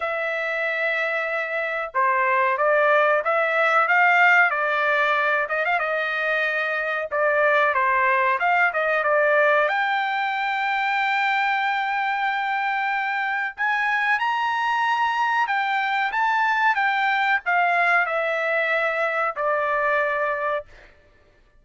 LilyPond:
\new Staff \with { instrumentName = "trumpet" } { \time 4/4 \tempo 4 = 93 e''2. c''4 | d''4 e''4 f''4 d''4~ | d''8 dis''16 f''16 dis''2 d''4 | c''4 f''8 dis''8 d''4 g''4~ |
g''1~ | g''4 gis''4 ais''2 | g''4 a''4 g''4 f''4 | e''2 d''2 | }